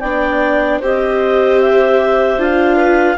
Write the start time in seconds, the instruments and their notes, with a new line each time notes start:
0.00 bassoon B3, viola D4, clarinet D5 G5
0.79 bassoon C4, viola G4, clarinet C5
0.86 clarinet D#5
1.62 clarinet E5
2.37 bassoon D4, viola F4, clarinet F5
2.76 clarinet B4